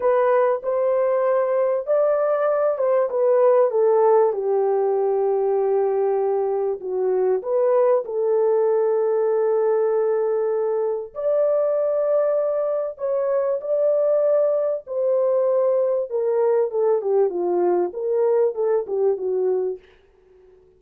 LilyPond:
\new Staff \with { instrumentName = "horn" } { \time 4/4 \tempo 4 = 97 b'4 c''2 d''4~ | d''8 c''8 b'4 a'4 g'4~ | g'2. fis'4 | b'4 a'2.~ |
a'2 d''2~ | d''4 cis''4 d''2 | c''2 ais'4 a'8 g'8 | f'4 ais'4 a'8 g'8 fis'4 | }